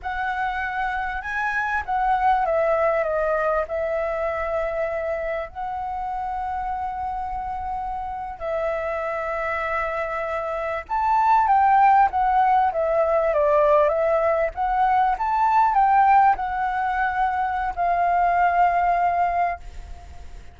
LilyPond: \new Staff \with { instrumentName = "flute" } { \time 4/4 \tempo 4 = 98 fis''2 gis''4 fis''4 | e''4 dis''4 e''2~ | e''4 fis''2.~ | fis''4.~ fis''16 e''2~ e''16~ |
e''4.~ e''16 a''4 g''4 fis''16~ | fis''8. e''4 d''4 e''4 fis''16~ | fis''8. a''4 g''4 fis''4~ fis''16~ | fis''4 f''2. | }